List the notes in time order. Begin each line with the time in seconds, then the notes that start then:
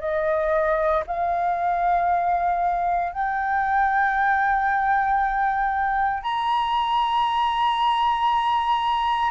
0.00 D#5
1.07 F5
3.12 G5
6.23 A#5